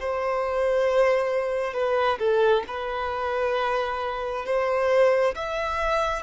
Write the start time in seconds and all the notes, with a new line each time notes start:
0.00 C5
1.73 B4
2.19 A4
2.67 B4
4.45 C5
5.35 E5